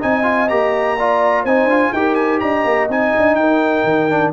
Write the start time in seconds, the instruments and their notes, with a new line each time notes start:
0.00 tuba C4, trombone D#4, horn D#5, trumpet G#5
0.23 trombone F4
0.48 tuba A#3, trombone G4, trumpet A#5
0.98 trombone F4, horn D5
1.43 tuba C4, trombone D#4, horn C5, trumpet G#5
1.65 tuba D4, trombone F4
1.93 tuba D#4, trombone G4, horn A#4, trumpet G5
2.15 trumpet G#5
2.40 tuba D4, horn D#5, trumpet A#5
2.65 tuba A#3
2.89 tuba C4, trombone D#4, trumpet G#5
3.18 tuba D4
3.35 tuba D#4, horn A#4, trumpet G5
3.84 tuba D#3
4.10 trombone D4